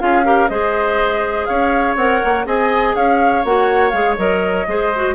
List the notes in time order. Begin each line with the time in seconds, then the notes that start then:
0.00 C#4 F4 G#4 F5
0.25 G4 A#4
0.49 G#3 G#4 C5 D#5
1.46 C#4 C#5 F5
1.96 C4 A#4 F#5
2.25 A#3
2.46 C4 G#4 D#5 G#5
2.96 C#4 C#5 F5
3.45 A#3 F#4 F#5
3.91 G#3 G#4 F5
4.18 F#3 A#4 D#5
4.68 G#3 G#4 C5
4.96 F#4